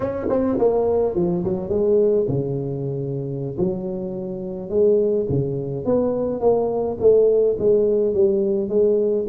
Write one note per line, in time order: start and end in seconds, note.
0.00 0.26 C#4
0.29 0.57 C4
0.58 1.15 A#3
1.15 1.43 F3
1.44 1.69 F#3
1.69 2.26 G#3
2.28 3.57 C#3
3.58 4.69 F#3
4.69 5.26 G#3
5.29 5.85 C#3
5.85 6.40 B3
6.40 6.97 A#3
6.99 7.57 A3
7.58 8.14 G#3
8.14 8.69 G3
8.69 9.26 G#3